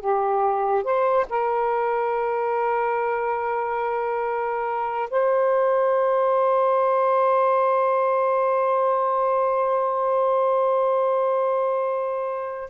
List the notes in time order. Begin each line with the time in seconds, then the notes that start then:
0.00 G4
0.84 C5
1.29 A#4
5.10 C5